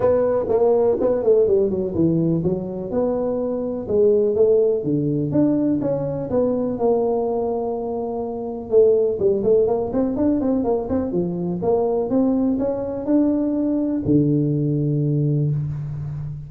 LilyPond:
\new Staff \with { instrumentName = "tuba" } { \time 4/4 \tempo 4 = 124 b4 ais4 b8 a8 g8 fis8 | e4 fis4 b2 | gis4 a4 d4 d'4 | cis'4 b4 ais2~ |
ais2 a4 g8 a8 | ais8 c'8 d'8 c'8 ais8 c'8 f4 | ais4 c'4 cis'4 d'4~ | d'4 d2. | }